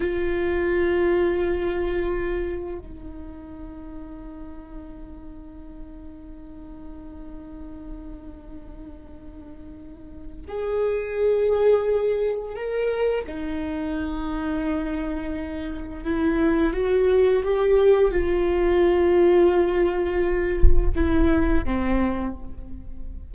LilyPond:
\new Staff \with { instrumentName = "viola" } { \time 4/4 \tempo 4 = 86 f'1 | dis'1~ | dis'1~ | dis'2. gis'4~ |
gis'2 ais'4 dis'4~ | dis'2. e'4 | fis'4 g'4 f'2~ | f'2 e'4 c'4 | }